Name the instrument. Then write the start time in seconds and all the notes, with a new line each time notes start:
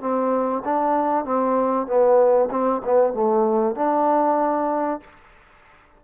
trombone
0.00 C4
0.64 D4
1.24 C4
1.86 B3
2.51 C4
2.84 B3
3.13 A3
3.75 D4